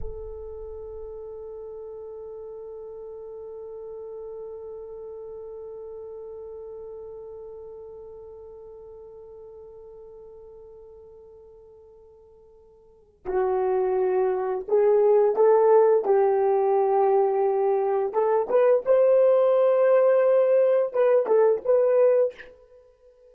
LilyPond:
\new Staff \with { instrumentName = "horn" } { \time 4/4 \tempo 4 = 86 a'1~ | a'1~ | a'1~ | a'1~ |
a'2. fis'4~ | fis'4 gis'4 a'4 g'4~ | g'2 a'8 b'8 c''4~ | c''2 b'8 a'8 b'4 | }